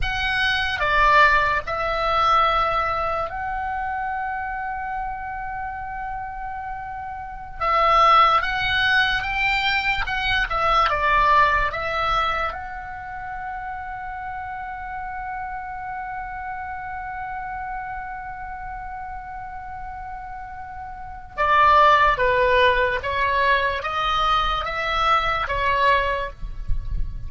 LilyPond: \new Staff \with { instrumentName = "oboe" } { \time 4/4 \tempo 4 = 73 fis''4 d''4 e''2 | fis''1~ | fis''4~ fis''16 e''4 fis''4 g''8.~ | g''16 fis''8 e''8 d''4 e''4 fis''8.~ |
fis''1~ | fis''1~ | fis''2 d''4 b'4 | cis''4 dis''4 e''4 cis''4 | }